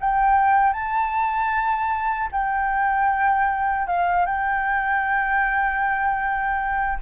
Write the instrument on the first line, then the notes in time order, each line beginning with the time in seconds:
flute
0.00 G5
0.73 A5
2.32 G5
3.87 F5
4.26 G5